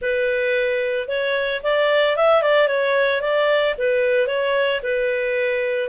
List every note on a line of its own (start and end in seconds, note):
0.01 1.08 B4
1.08 1.61 C#5
1.63 2.16 D5
2.16 2.42 E5
2.42 2.67 D5
2.67 3.21 C#5
3.21 3.74 D5
3.77 4.27 B4
4.27 4.80 C#5
4.82 5.88 B4